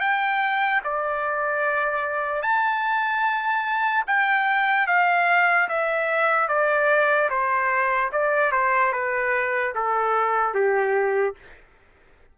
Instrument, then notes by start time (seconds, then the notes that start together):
trumpet
0.00 G5
0.84 D5
2.42 A5
4.07 G5
4.87 F5
5.68 E5
6.48 D5
7.30 C5
8.12 D5
8.52 C5
8.93 B4
9.75 A4
10.54 G4